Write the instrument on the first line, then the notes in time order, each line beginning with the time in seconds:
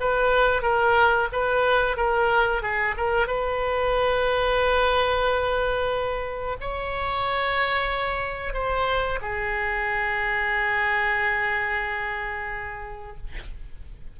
oboe
0.00 B4
0.62 A#4
1.32 B4
1.96 A#4
2.62 G#4
2.96 A#4
3.27 B4
6.60 C#5
8.53 C5
9.21 G#4